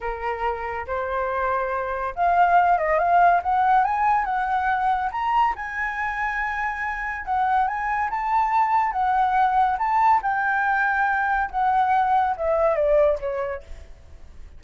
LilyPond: \new Staff \with { instrumentName = "flute" } { \time 4/4 \tempo 4 = 141 ais'2 c''2~ | c''4 f''4. dis''8 f''4 | fis''4 gis''4 fis''2 | ais''4 gis''2.~ |
gis''4 fis''4 gis''4 a''4~ | a''4 fis''2 a''4 | g''2. fis''4~ | fis''4 e''4 d''4 cis''4 | }